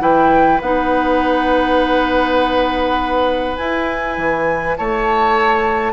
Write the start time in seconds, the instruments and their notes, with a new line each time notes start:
0.00 bassoon E3, clarinet E4, oboe B4, flute G5
0.61 bassoon B3, clarinet D#4, flute F#5
3.57 clarinet E4, bassoon E4, flute G#5
4.18 bassoon E3
4.77 bassoon A3, oboe C#5, flute A5